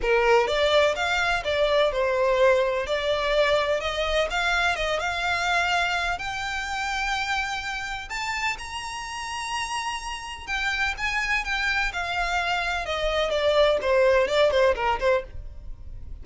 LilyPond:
\new Staff \with { instrumentName = "violin" } { \time 4/4 \tempo 4 = 126 ais'4 d''4 f''4 d''4 | c''2 d''2 | dis''4 f''4 dis''8 f''4.~ | f''4 g''2.~ |
g''4 a''4 ais''2~ | ais''2 g''4 gis''4 | g''4 f''2 dis''4 | d''4 c''4 d''8 c''8 ais'8 c''8 | }